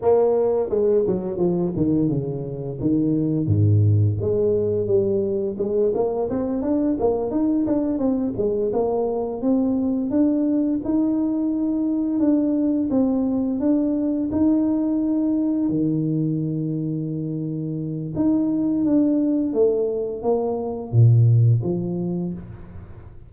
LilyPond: \new Staff \with { instrumentName = "tuba" } { \time 4/4 \tempo 4 = 86 ais4 gis8 fis8 f8 dis8 cis4 | dis4 gis,4 gis4 g4 | gis8 ais8 c'8 d'8 ais8 dis'8 d'8 c'8 | gis8 ais4 c'4 d'4 dis'8~ |
dis'4. d'4 c'4 d'8~ | d'8 dis'2 dis4.~ | dis2 dis'4 d'4 | a4 ais4 ais,4 f4 | }